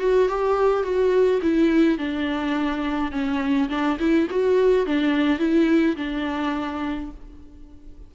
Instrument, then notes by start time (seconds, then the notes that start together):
viola
0.00 F#4
0.29 G4
0.83 F#4
1.42 E4
1.98 D4
3.12 C#4
3.70 D4
4.00 E4
4.30 F#4
4.86 D4
5.39 E4
5.97 D4